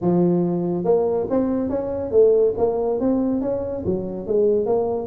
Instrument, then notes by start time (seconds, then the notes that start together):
tuba
0.01 F3
0.84 A#3
1.29 C4
1.69 C#4
2.11 A3
2.57 A#3
3.00 C4
3.41 C#4
3.85 F#3
4.26 G#3
4.66 A#3